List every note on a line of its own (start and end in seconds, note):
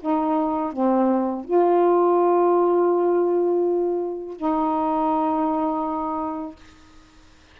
0.00 0.73 D#4
0.73 1.44 C4
1.44 4.36 F4
4.36 6.55 D#4